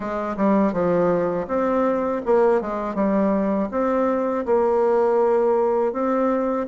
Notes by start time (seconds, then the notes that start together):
0.00 G#3
0.36 G3
0.72 F3
1.47 C4
2.25 A#3
2.61 G#3
2.95 G3
3.71 C4
4.45 A#3
5.93 C4